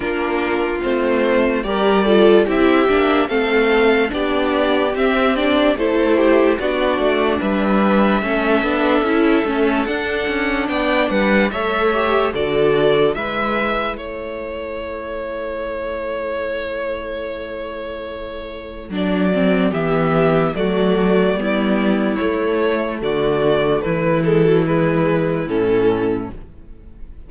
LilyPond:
<<
  \new Staff \with { instrumentName = "violin" } { \time 4/4 \tempo 4 = 73 ais'4 c''4 d''4 e''4 | f''4 d''4 e''8 d''8 c''4 | d''4 e''2. | fis''4 g''8 fis''8 e''4 d''4 |
e''4 cis''2.~ | cis''2. d''4 | e''4 d''2 cis''4 | d''4 b'8 a'8 b'4 a'4 | }
  \new Staff \with { instrumentName = "violin" } { \time 4/4 f'2 ais'8 a'8 g'4 | a'4 g'2 a'8 g'8 | fis'4 b'4 a'2~ | a'4 d''8 b'8 cis''4 a'4 |
b'4 a'2.~ | a'1 | g'4 fis'4 e'2 | fis'4 e'2. | }
  \new Staff \with { instrumentName = "viola" } { \time 4/4 d'4 c'4 g'8 f'8 e'8 d'8 | c'4 d'4 c'8 d'8 e'4 | d'2 cis'8 d'8 e'8 cis'8 | d'2 a'8 g'8 fis'4 |
e'1~ | e'2. d'8 c'8 | b4 a4 b4 a4~ | a4. gis16 fis16 gis4 cis'4 | }
  \new Staff \with { instrumentName = "cello" } { \time 4/4 ais4 a4 g4 c'8 ais8 | a4 b4 c'4 a4 | b8 a8 g4 a8 b8 cis'8 a8 | d'8 cis'8 b8 g8 a4 d4 |
gis4 a2.~ | a2. fis4 | e4 fis4 g4 a4 | d4 e2 a,4 | }
>>